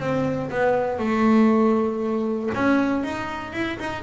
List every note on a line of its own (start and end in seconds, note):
0.00 0.50 C4
0.51 0.99 B3
0.99 2.50 A3
2.55 3.04 C#4
3.04 3.53 D#4
3.53 3.78 E4
3.80 4.03 D#4